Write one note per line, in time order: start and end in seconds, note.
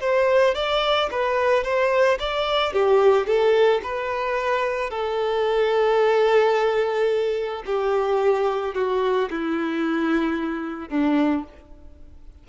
0.00 0.55 C5
0.55 1.09 D5
1.11 1.64 B4
1.64 2.18 C5
2.19 2.73 D5
2.73 3.26 G4
3.26 3.81 A4
3.82 4.90 B4
4.90 7.63 A4
7.65 8.74 G4
8.74 9.29 F#4
9.30 10.88 E4
10.88 11.43 D4